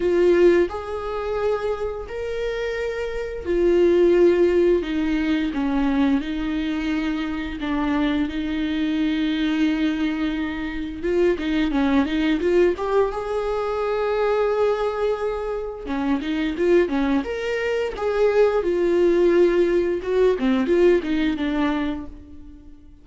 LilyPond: \new Staff \with { instrumentName = "viola" } { \time 4/4 \tempo 4 = 87 f'4 gis'2 ais'4~ | ais'4 f'2 dis'4 | cis'4 dis'2 d'4 | dis'1 |
f'8 dis'8 cis'8 dis'8 f'8 g'8 gis'4~ | gis'2. cis'8 dis'8 | f'8 cis'8 ais'4 gis'4 f'4~ | f'4 fis'8 c'8 f'8 dis'8 d'4 | }